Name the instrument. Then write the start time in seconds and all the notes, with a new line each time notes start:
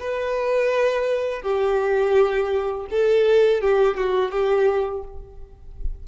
violin
0.00 B4
1.42 G4
2.91 A4
3.61 G4
3.98 F#4
4.31 G4